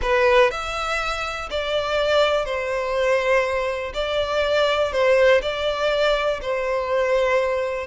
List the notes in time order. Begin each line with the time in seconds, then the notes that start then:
0.01 B4
0.51 E5
1.50 D5
2.45 C5
3.93 D5
4.92 C5
5.41 D5
6.41 C5